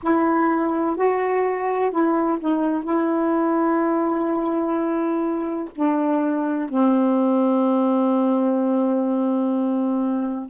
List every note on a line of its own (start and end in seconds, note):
0.03 0.96 E4
0.96 1.90 F#4
1.90 2.38 E4
2.40 2.83 D#4
2.83 5.69 E4
5.75 6.69 D4
6.69 10.49 C4